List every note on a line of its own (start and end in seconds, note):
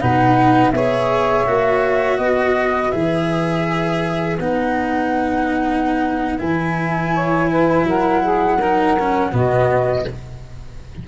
0.00 0.73 B2
0.00 0.73 D#4
0.00 0.73 B4
0.00 0.72 F#5
0.72 1.46 B3
0.72 1.47 G#4
0.72 2.19 C#5
0.72 2.18 E5
1.47 2.19 A#3
1.47 2.93 F#4
2.18 2.92 B3
2.18 7.13 B4
2.18 2.91 D#5
2.91 4.39 E3
2.91 4.39 G#4
2.91 4.37 E5
4.39 6.40 B3
4.39 6.38 D#4
4.39 6.40 F#5
6.38 7.84 E3
6.38 8.58 E4
6.38 7.87 G#5
7.14 7.50 C#5
7.50 7.86 B4
7.84 9.30 F#3
7.84 8.23 A#4
7.84 9.34 F#5
8.23 8.58 G#4
8.58 8.98 D#4
8.58 9.31 A#4
8.99 9.32 C#4
9.32 10.06 B2
9.32 10.05 B3
9.32 10.07 F#4
9.32 10.08 D#5